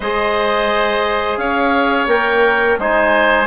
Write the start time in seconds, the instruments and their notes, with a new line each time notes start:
0.00 bassoon G#3, trombone G#4, oboe C5, clarinet D#5
1.37 bassoon C#4, oboe C#5, clarinet F5
2.06 bassoon A#3, trombone A#4, clarinet G5
2.78 bassoon G#3, trombone D#4, oboe C5, clarinet G#5